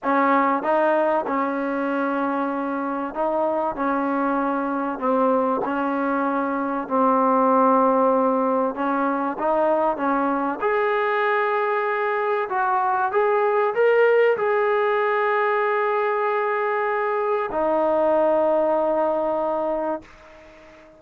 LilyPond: \new Staff \with { instrumentName = "trombone" } { \time 4/4 \tempo 4 = 96 cis'4 dis'4 cis'2~ | cis'4 dis'4 cis'2 | c'4 cis'2 c'4~ | c'2 cis'4 dis'4 |
cis'4 gis'2. | fis'4 gis'4 ais'4 gis'4~ | gis'1 | dis'1 | }